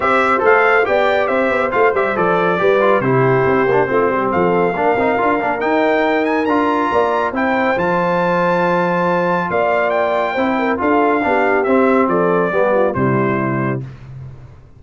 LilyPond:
<<
  \new Staff \with { instrumentName = "trumpet" } { \time 4/4 \tempo 4 = 139 e''4 f''4 g''4 e''4 | f''8 e''8 d''2 c''4~ | c''2 f''2~ | f''4 g''4. gis''8 ais''4~ |
ais''4 g''4 a''2~ | a''2 f''4 g''4~ | g''4 f''2 e''4 | d''2 c''2 | }
  \new Staff \with { instrumentName = "horn" } { \time 4/4 c''2 d''4 c''4~ | c''2 b'4 g'4~ | g'4 f'8 g'8 a'4 ais'4~ | ais'1 |
d''4 c''2.~ | c''2 d''2 | c''8 ais'8 a'4 g'2 | a'4 g'8 f'8 e'2 | }
  \new Staff \with { instrumentName = "trombone" } { \time 4/4 g'4 a'4 g'2 | f'8 g'8 a'4 g'8 f'8 e'4~ | e'8 d'8 c'2 d'8 dis'8 | f'8 d'8 dis'2 f'4~ |
f'4 e'4 f'2~ | f'1 | e'4 f'4 d'4 c'4~ | c'4 b4 g2 | }
  \new Staff \with { instrumentName = "tuba" } { \time 4/4 c'4 a4 b4 c'8 b8 | a8 g8 f4 g4 c4 | c'8 ais8 a8 g8 f4 ais8 c'8 | d'8 ais8 dis'2 d'4 |
ais4 c'4 f2~ | f2 ais2 | c'4 d'4 b4 c'4 | f4 g4 c2 | }
>>